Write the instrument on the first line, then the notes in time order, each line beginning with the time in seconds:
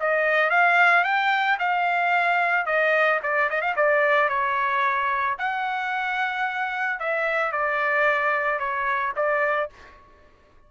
trumpet
0.00 D#5
0.50 F5
1.04 G5
1.59 F5
2.66 D#5
3.23 D5
3.50 D#5
3.61 F5
3.76 D5
4.29 C#5
5.39 F#5
7.00 E5
7.52 D5
8.59 C#5
9.16 D5